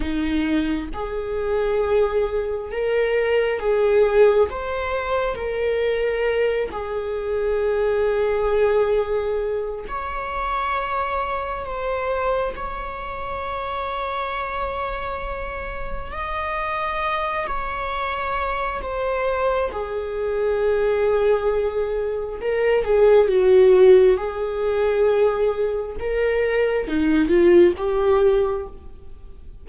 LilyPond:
\new Staff \with { instrumentName = "viola" } { \time 4/4 \tempo 4 = 67 dis'4 gis'2 ais'4 | gis'4 c''4 ais'4. gis'8~ | gis'2. cis''4~ | cis''4 c''4 cis''2~ |
cis''2 dis''4. cis''8~ | cis''4 c''4 gis'2~ | gis'4 ais'8 gis'8 fis'4 gis'4~ | gis'4 ais'4 dis'8 f'8 g'4 | }